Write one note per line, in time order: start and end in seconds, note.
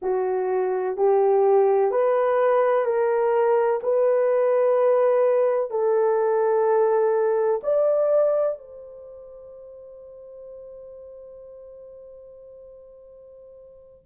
0.02 0.96 F#4
0.96 1.91 G4
1.91 2.85 B4
2.85 3.80 A#4
3.82 5.70 B4
5.70 7.61 A4
7.63 8.58 D5
8.58 14.06 C5